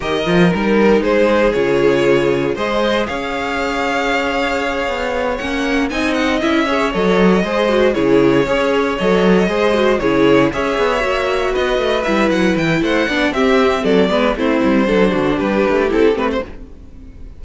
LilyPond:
<<
  \new Staff \with { instrumentName = "violin" } { \time 4/4 \tempo 4 = 117 dis''4 ais'4 c''4 cis''4~ | cis''4 dis''4 f''2~ | f''2~ f''8 fis''4 gis''8 | fis''8 e''4 dis''2 cis''8~ |
cis''4. dis''2 cis''8~ | cis''8 e''2 dis''4 e''8 | fis''8 g''8 fis''4 e''4 d''4 | c''2 b'4 a'8 b'16 c''16 | }
  \new Staff \with { instrumentName = "violin" } { \time 4/4 ais'2 gis'2~ | gis'4 c''4 cis''2~ | cis''2.~ cis''8 dis''8~ | dis''4 cis''4. c''4 gis'8~ |
gis'8 cis''2 c''4 gis'8~ | gis'8 cis''2 b'4.~ | b'4 c''8 d''8 g'4 a'8 b'8 | e'4 a'8 fis'8 g'2 | }
  \new Staff \with { instrumentName = "viola" } { \time 4/4 g'8 f'8 dis'2 f'4~ | f'4 gis'2.~ | gis'2~ gis'8 cis'4 dis'8~ | dis'8 e'8 gis'8 a'4 gis'8 fis'8 e'8~ |
e'8 gis'4 a'4 gis'8 fis'8 e'8~ | e'8 gis'4 fis'2 e'8~ | e'4. d'8 c'4. b8 | c'4 d'2 e'8 c'8 | }
  \new Staff \with { instrumentName = "cello" } { \time 4/4 dis8 f8 g4 gis4 cis4~ | cis4 gis4 cis'2~ | cis'4. b4 ais4 c'8~ | c'8 cis'4 fis4 gis4 cis8~ |
cis8 cis'4 fis4 gis4 cis8~ | cis8 cis'8 b8 ais4 b8 a8 g8 | fis8 e8 a8 b8 c'4 fis8 gis8 | a8 g8 fis8 d8 g8 a8 c'8 a8 | }
>>